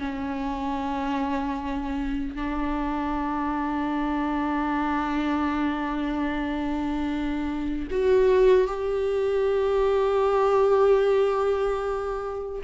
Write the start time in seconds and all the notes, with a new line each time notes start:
0.00 C#4
2.36 D4
7.91 F#4
8.68 G4